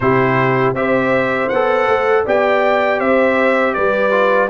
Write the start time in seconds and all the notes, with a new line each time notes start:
0.00 C3 E4 G4 C5
0.73 C4 G4 C5 E5
1.48 B3 A4 F#5
1.87 A3
2.25 B3 G4 D5 G5
2.99 C4 C5 E5
3.74 G3 B4 D5
4.11 F4